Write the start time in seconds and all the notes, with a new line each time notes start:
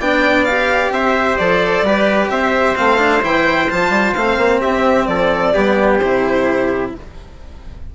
0.00 B3 D4 D5 G5
0.45 G4 F5
0.91 C4 C5 E5
1.37 F3 A4 D5
1.83 G3 G4 B4
2.30 C4 C5 E5
2.76 A3 C4 F5
2.98 D4
3.22 E3 E4 G5
3.70 F3 F4 A5
3.90 G3
4.14 A3 C4 F5
4.38 A#3
4.61 C4 G4 E5
5.07 F3 A4 D5
5.54 G3 B3 G4
5.98 C3 E4 C5